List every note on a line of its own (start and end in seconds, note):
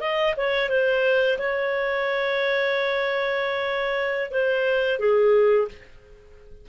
0.00 0.34 D#5
0.37 0.69 C#5
0.69 1.38 C5
1.38 4.31 C#5
4.31 4.99 C5
4.99 5.68 G#4